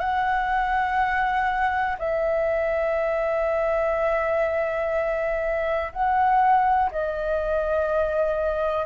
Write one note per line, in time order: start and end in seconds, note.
0.00 1.97 F#5
1.99 5.92 E5
5.93 6.91 F#5
6.92 8.86 D#5